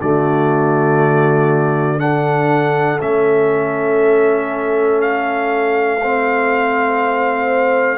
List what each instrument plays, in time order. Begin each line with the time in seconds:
0.00 tuba D3, trombone A3, horn F#4, trumpet D5
1.99 trombone D4, horn A4, trumpet F#5
3.00 tuba A3, trombone C#4, trumpet E5
5.01 trumpet F5
6.01 trombone C4, horn C5